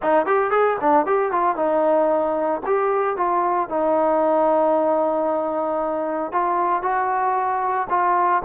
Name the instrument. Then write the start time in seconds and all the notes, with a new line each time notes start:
trombone
0.02 D#4
0.25 G4
0.50 G#4
0.80 D4
1.06 G4
1.31 F4
1.56 D#4
2.66 G4
3.17 F4
3.69 D#4
6.32 F4
6.82 F#4
7.89 F4